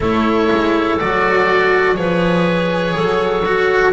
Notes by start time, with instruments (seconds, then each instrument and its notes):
0.00 double bass A3, cello E4, clarinet A4, oboe C#5
0.51 double bass G#3
0.99 double bass F#3, cello F#4, oboe D5
1.95 double bass F3, cello G#4, clarinet B4, oboe C#5
2.94 double bass F#3, clarinet A4
3.45 cello F#4